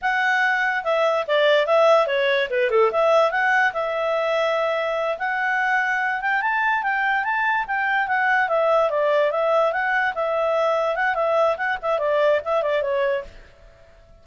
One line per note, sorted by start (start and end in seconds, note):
0.01 0.84 F#5
0.84 1.25 E5
1.27 1.66 D5
1.66 2.07 E5
2.07 2.48 C#5
2.50 2.70 B4
2.70 2.91 A4
2.91 3.31 E5
3.31 3.72 F#5
3.73 5.17 E5
5.18 6.21 F#5
6.21 6.41 G5
6.41 6.82 A5
6.82 7.24 G5
7.24 7.65 A5
7.67 8.07 G5
8.07 8.48 F#5
8.48 8.90 E5
8.90 9.31 D5
9.31 9.72 E5
9.72 10.13 F#5
10.14 10.95 E5
10.95 11.15 F#5
11.15 11.56 E5
11.57 11.77 F#5
11.82 11.98 E5
11.98 12.40 D5
12.44 12.62 E5
12.62 12.82 D5
12.82 13.23 C#5